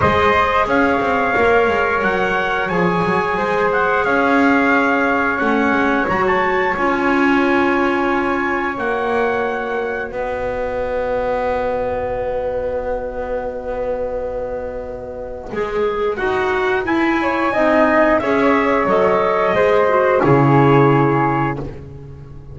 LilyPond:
<<
  \new Staff \with { instrumentName = "trumpet" } { \time 4/4 \tempo 4 = 89 dis''4 f''2 fis''4 | gis''4. fis''8 f''2 | fis''4 ais''16 a''8. gis''2~ | gis''4 fis''2 dis''4~ |
dis''1~ | dis''1 | fis''4 gis''2 e''4 | dis''2 cis''2 | }
  \new Staff \with { instrumentName = "flute" } { \time 4/4 c''4 cis''2.~ | cis''4 c''4 cis''2~ | cis''1~ | cis''2. b'4~ |
b'1~ | b'1~ | b'4. cis''8 dis''4 cis''4~ | cis''4 c''4 gis'2 | }
  \new Staff \with { instrumentName = "clarinet" } { \time 4/4 gis'2 ais'2 | gis'1 | cis'4 fis'4 f'2~ | f'4 fis'2.~ |
fis'1~ | fis'2. gis'4 | fis'4 e'4 dis'4 gis'4 | a'4 gis'8 fis'8 e'2 | }
  \new Staff \with { instrumentName = "double bass" } { \time 4/4 gis4 cis'8 c'8 ais8 gis8 fis4 | f8 fis8 gis4 cis'2 | a8 gis8 fis4 cis'2~ | cis'4 ais2 b4~ |
b1~ | b2. gis4 | dis'4 e'4 c'4 cis'4 | fis4 gis4 cis2 | }
>>